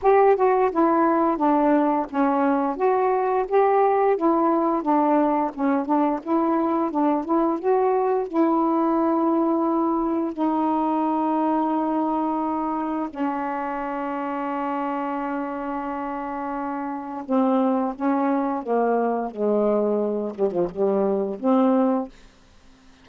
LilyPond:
\new Staff \with { instrumentName = "saxophone" } { \time 4/4 \tempo 4 = 87 g'8 fis'8 e'4 d'4 cis'4 | fis'4 g'4 e'4 d'4 | cis'8 d'8 e'4 d'8 e'8 fis'4 | e'2. dis'4~ |
dis'2. cis'4~ | cis'1~ | cis'4 c'4 cis'4 ais4 | gis4. g16 f16 g4 c'4 | }